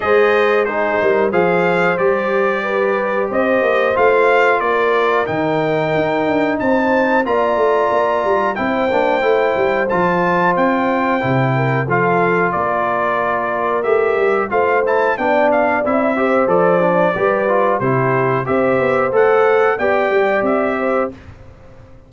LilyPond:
<<
  \new Staff \with { instrumentName = "trumpet" } { \time 4/4 \tempo 4 = 91 dis''4 c''4 f''4 d''4~ | d''4 dis''4 f''4 d''4 | g''2 a''4 ais''4~ | ais''4 g''2 a''4 |
g''2 f''4 d''4~ | d''4 e''4 f''8 a''8 g''8 f''8 | e''4 d''2 c''4 | e''4 fis''4 g''4 e''4 | }
  \new Staff \with { instrumentName = "horn" } { \time 4/4 c''4 gis'8 ais'8 c''2 | b'4 c''2 ais'4~ | ais'2 c''4 d''4~ | d''4 c''2.~ |
c''4. ais'8 a'4 ais'4~ | ais'2 c''4 d''4~ | d''8 c''4. b'4 g'4 | c''2 d''4. c''8 | }
  \new Staff \with { instrumentName = "trombone" } { \time 4/4 gis'4 dis'4 gis'4 g'4~ | g'2 f'2 | dis'2. f'4~ | f'4 e'8 d'8 e'4 f'4~ |
f'4 e'4 f'2~ | f'4 g'4 f'8 e'8 d'4 | e'8 g'8 a'8 d'8 g'8 f'8 e'4 | g'4 a'4 g'2 | }
  \new Staff \with { instrumentName = "tuba" } { \time 4/4 gis4. g8 f4 g4~ | g4 c'8 ais8 a4 ais4 | dis4 dis'8 d'8 c'4 ais8 a8 | ais8 g8 c'8 ais8 a8 g8 f4 |
c'4 c4 f4 ais4~ | ais4 a8 g8 a4 b4 | c'4 f4 g4 c4 | c'8 b8 a4 b8 g8 c'4 | }
>>